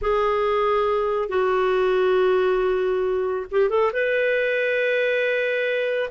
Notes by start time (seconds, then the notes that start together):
0.01 G#4
1.28 F#4
3.51 G4
3.69 A4
3.92 B4